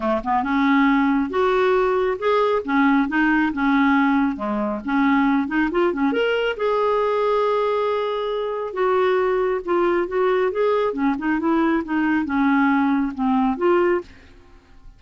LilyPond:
\new Staff \with { instrumentName = "clarinet" } { \time 4/4 \tempo 4 = 137 a8 b8 cis'2 fis'4~ | fis'4 gis'4 cis'4 dis'4 | cis'2 gis4 cis'4~ | cis'8 dis'8 f'8 cis'8 ais'4 gis'4~ |
gis'1 | fis'2 f'4 fis'4 | gis'4 cis'8 dis'8 e'4 dis'4 | cis'2 c'4 f'4 | }